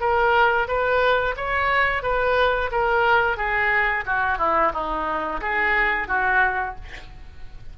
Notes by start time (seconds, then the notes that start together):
0.00 A#4
0.67 B4
1.37 C#5
2.03 B4
2.71 A#4
3.37 G#4
4.05 F#4
4.38 E4
4.73 D#4
5.41 G#4
6.08 F#4